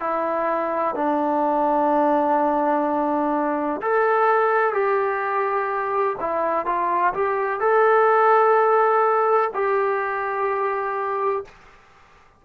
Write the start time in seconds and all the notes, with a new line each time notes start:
0.00 E4
0.95 D4
3.81 A4
4.73 G4
6.20 E4
6.65 F4
7.13 G4
7.60 A4
9.54 G4